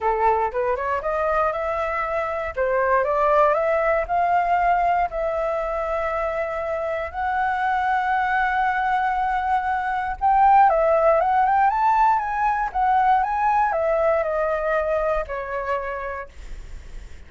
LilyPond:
\new Staff \with { instrumentName = "flute" } { \time 4/4 \tempo 4 = 118 a'4 b'8 cis''8 dis''4 e''4~ | e''4 c''4 d''4 e''4 | f''2 e''2~ | e''2 fis''2~ |
fis''1 | g''4 e''4 fis''8 g''8 a''4 | gis''4 fis''4 gis''4 e''4 | dis''2 cis''2 | }